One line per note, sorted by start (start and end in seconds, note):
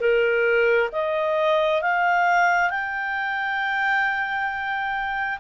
0.00 0.90 A#4
0.92 1.82 D#5
1.82 2.70 F5
2.70 5.39 G5